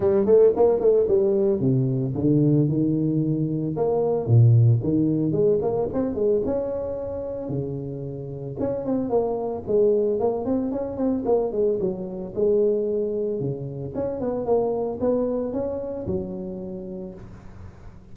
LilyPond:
\new Staff \with { instrumentName = "tuba" } { \time 4/4 \tempo 4 = 112 g8 a8 ais8 a8 g4 c4 | d4 dis2 ais4 | ais,4 dis4 gis8 ais8 c'8 gis8 | cis'2 cis2 |
cis'8 c'8 ais4 gis4 ais8 c'8 | cis'8 c'8 ais8 gis8 fis4 gis4~ | gis4 cis4 cis'8 b8 ais4 | b4 cis'4 fis2 | }